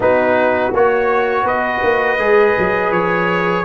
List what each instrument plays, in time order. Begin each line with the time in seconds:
0.00 tuba B3, trombone D#4, horn F#4, trumpet B4
0.73 tuba A#3, trombone F#4, trumpet C#5
1.43 tuba B3, horn B4, trumpet D#5
1.82 tuba A#3
2.18 tuba G#3, trombone G#4
2.58 tuba F#3
2.90 tuba F3, trumpet C#5